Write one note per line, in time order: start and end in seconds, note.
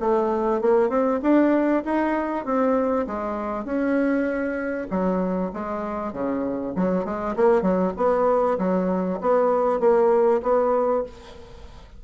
0.00 0.61 A3
0.61 0.89 A#3
0.89 1.20 C4
1.22 1.83 D4
1.85 2.45 D#4
2.45 3.06 C4
3.07 3.65 G#3
3.65 4.87 C#4
4.90 5.52 F#3
5.53 6.13 G#3
6.13 6.74 C#3
6.76 7.05 F#3
7.05 7.35 G#3
7.36 7.62 A#3
7.62 7.92 F#3
7.97 8.58 B3
8.58 9.19 F#3
9.21 9.80 B3
9.80 10.41 A#3
10.42 11.03 B3